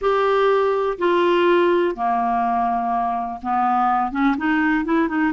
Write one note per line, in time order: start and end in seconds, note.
0.01 0.98 G4
0.98 1.95 F4
1.95 3.40 A#3
3.42 4.11 B3
4.11 4.35 C#4
4.37 4.85 D#4
4.85 5.08 E4
5.08 5.32 D#4